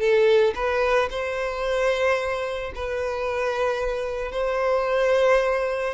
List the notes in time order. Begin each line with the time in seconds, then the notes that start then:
0.00 A4
0.55 B4
1.11 C5
2.75 B4
4.32 C5